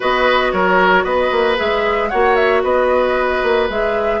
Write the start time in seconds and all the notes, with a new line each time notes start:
0.00 B3 F#4 B4 D#5
0.51 F#3 A#4 C#5
1.04 B3 B4 D#5
1.31 A#3
1.56 G#3 G#4 E5
2.09 A#3 F#4 C#5 F#5
2.35 E5
2.63 B3 B4 D#5
3.42 A#3
3.69 G#3 G#4 E5